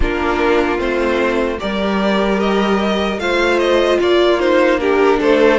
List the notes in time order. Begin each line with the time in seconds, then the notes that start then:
0.00 A#3 D4 F4 A#4
0.78 A3 C4 C5
1.58 G3 G4 A#4 D5
2.39 D#5
3.17 A3 F4 C5 F5
3.59 D#5
4.00 A#3 F4 D5
4.39 D#4 C5
4.79 D4 G4 A#4
5.19 A3 A4 C5